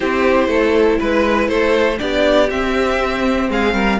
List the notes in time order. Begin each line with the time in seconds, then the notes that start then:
0.00 C4 E4 G4 C5
0.47 A3 A4
0.99 G#3 B4
1.48 A3 A4 C5
1.98 B3 D4 G4 D5
2.50 C4 E5
3.49 G#3 G#4 F5
3.73 G3 A#4